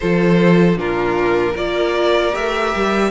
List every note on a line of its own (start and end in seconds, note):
0.00 0.76 F3
0.00 0.77 F4
0.00 0.78 A4
0.00 0.77 C5
0.76 1.54 A#2
0.76 1.55 D4
0.76 1.52 F4
0.76 1.56 A#4
1.52 2.34 A#3
1.52 2.31 F4
1.52 3.08 A#4
1.52 2.34 D5
2.31 2.74 A3
2.31 3.09 G4
2.31 3.10 E5
2.75 3.10 G3